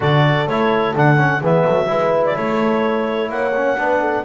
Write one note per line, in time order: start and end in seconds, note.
0.00 0.46 D3
0.00 0.46 F#4
0.00 1.40 A4
0.00 0.48 D5
0.46 0.94 A3
0.46 0.94 E4
0.46 0.95 C#5
0.94 1.41 D3
0.94 1.17 D4
0.94 1.43 F#5
1.17 1.40 C#4
1.40 1.64 E3
1.40 1.86 B3
1.40 1.64 G#4
1.40 2.25 E5
1.65 1.89 F#3
1.65 1.89 A4
1.86 2.37 G#3
1.86 3.51 E4
1.86 2.35 B4
2.25 2.36 D5
2.35 3.29 A3
2.35 3.29 A4
2.35 3.30 C#5
3.29 3.76 A#3
3.29 3.78 C#5
3.29 4.24 F#5
3.55 3.77 C#4
3.77 4.24 B3
3.77 4.24 D4
3.77 4.00 B4
4.00 4.23 A4